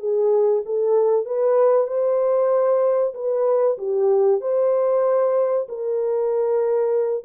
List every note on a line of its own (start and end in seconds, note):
0.00 0.63 G#4
0.66 1.26 A4
1.26 1.87 B4
1.87 3.14 C5
3.15 3.78 B4
3.78 4.42 G4
4.42 5.68 C5
5.69 7.25 A#4